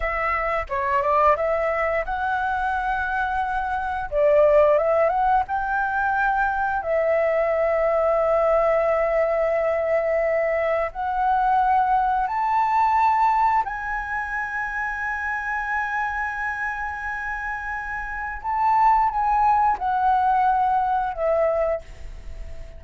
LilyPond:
\new Staff \with { instrumentName = "flute" } { \time 4/4 \tempo 4 = 88 e''4 cis''8 d''8 e''4 fis''4~ | fis''2 d''4 e''8 fis''8 | g''2 e''2~ | e''1 |
fis''2 a''2 | gis''1~ | gis''2. a''4 | gis''4 fis''2 e''4 | }